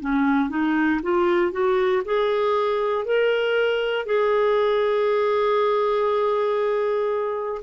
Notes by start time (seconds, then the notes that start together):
0.00 C#4
0.49 D#4
1.02 F4
1.52 F#4
2.05 G#4
3.05 A#4
4.05 G#4